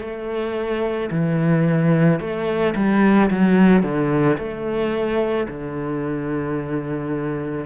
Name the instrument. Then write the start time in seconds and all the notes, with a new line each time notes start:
cello
0.00 A3
1.11 E3
2.20 A3
2.75 G3
3.30 F#3
3.82 D3
4.38 A3
5.47 D3